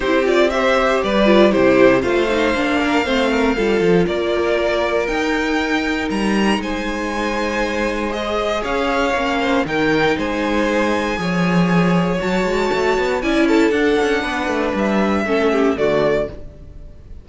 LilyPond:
<<
  \new Staff \with { instrumentName = "violin" } { \time 4/4 \tempo 4 = 118 c''8 d''8 e''4 d''4 c''4 | f''1 | d''2 g''2 | ais''4 gis''2. |
dis''4 f''2 g''4 | gis''1 | a''2 gis''8 a''8 fis''4~ | fis''4 e''2 d''4 | }
  \new Staff \with { instrumentName = "violin" } { \time 4/4 g'4 c''4 b'4 g'4 | c''4. ais'8 c''8 ais'8 a'4 | ais'1~ | ais'4 c''2.~ |
c''4 cis''4. c''8 ais'4 | c''2 cis''2~ | cis''2 d''8 a'4. | b'2 a'8 g'8 fis'4 | }
  \new Staff \with { instrumentName = "viola" } { \time 4/4 e'8 f'8 g'4. f'8 e'4 | f'8 dis'8 d'4 c'4 f'4~ | f'2 dis'2~ | dis'1 |
gis'2 cis'4 dis'4~ | dis'2 gis'2 | fis'2 e'4 d'4~ | d'2 cis'4 a4 | }
  \new Staff \with { instrumentName = "cello" } { \time 4/4 c'2 g4 c4 | a4 ais4 a4 g8 f8 | ais2 dis'2 | g4 gis2.~ |
gis4 cis'4 ais4 dis4 | gis2 f2 | fis8 gis8 a8 b8 cis'4 d'8 cis'8 | b8 a8 g4 a4 d4 | }
>>